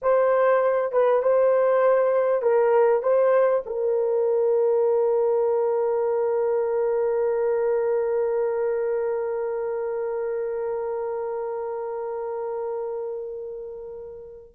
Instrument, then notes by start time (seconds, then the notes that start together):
horn
0.02 C5
0.92 B4
1.22 C5
2.42 A#4
3.02 C5
3.65 A#4